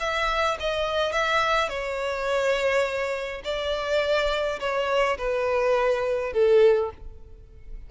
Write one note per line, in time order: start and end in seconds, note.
0.00 0.58 E5
0.60 1.12 D#5
1.12 1.69 E5
1.69 3.42 C#5
3.44 4.60 D5
4.60 5.18 C#5
5.18 6.33 B4
6.33 6.91 A4